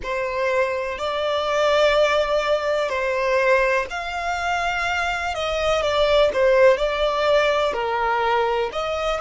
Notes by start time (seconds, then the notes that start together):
0.02 C5
0.98 D5
2.89 C5
3.90 F5
5.34 D#5
5.82 D5
6.33 C5
6.77 D5
7.73 A#4
8.72 D#5